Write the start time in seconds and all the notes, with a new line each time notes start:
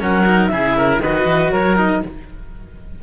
0.00 F#3 C#4 A#4 F#5
0.26 D#4
0.47 C#3 E4 G#4 E5
0.77 A#4
1.00 D#3 F#4 B4 D#5
1.25 E3
1.52 F#3 A#4 C#5
1.76 D#4 D#5